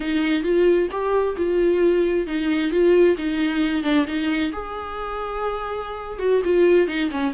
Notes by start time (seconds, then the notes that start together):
0.00 D#4
0.43 F4
0.91 G4
1.36 F4
2.26 D#4
2.71 F4
3.17 D#4
3.83 D4
4.06 D#4
4.52 G#4
6.19 F#4
6.44 F4
6.87 D#4
7.10 C#4